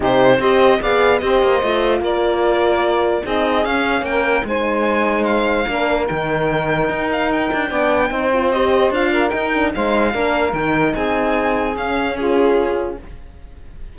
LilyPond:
<<
  \new Staff \with { instrumentName = "violin" } { \time 4/4 \tempo 4 = 148 c''4 dis''4 f''4 dis''4~ | dis''4 d''2. | dis''4 f''4 g''4 gis''4~ | gis''4 f''2 g''4~ |
g''4. f''8 g''2~ | g''4 dis''4 f''4 g''4 | f''2 g''4 gis''4~ | gis''4 f''4 gis'2 | }
  \new Staff \with { instrumentName = "saxophone" } { \time 4/4 g'4 c''4 d''4 c''4~ | c''4 ais'2. | gis'2 ais'4 c''4~ | c''2 ais'2~ |
ais'2. d''4 | c''2~ c''8 ais'4. | c''4 ais'2 gis'4~ | gis'2 f'2 | }
  \new Staff \with { instrumentName = "horn" } { \time 4/4 dis'4 g'4 gis'4 g'4 | f'1 | dis'4 cis'2 dis'4~ | dis'2 d'4 dis'4~ |
dis'2. d'4 | dis'8 f'8 g'4 f'4 dis'8 d'8 | dis'4 d'4 dis'2~ | dis'4 cis'2. | }
  \new Staff \with { instrumentName = "cello" } { \time 4/4 c4 c'4 b4 c'8 ais8 | a4 ais2. | c'4 cis'4 ais4 gis4~ | gis2 ais4 dis4~ |
dis4 dis'4. d'8 b4 | c'2 d'4 dis'4 | gis4 ais4 dis4 c'4~ | c'4 cis'2. | }
>>